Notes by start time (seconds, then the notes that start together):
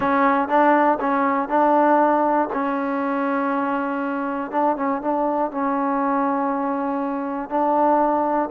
0.00 C#4
0.48 D4
1.00 C#4
1.49 D4
2.53 C#4
4.51 D4
4.76 C#4
5.01 D4
5.51 C#4
7.49 D4